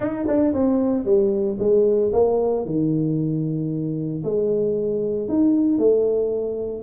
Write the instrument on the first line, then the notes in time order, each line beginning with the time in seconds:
tuba
0.00 D#4
0.27 D4
0.53 C4
1.05 G3
1.59 G#3
2.12 A#3
2.65 D#3
4.23 G#3
5.28 D#4
5.78 A3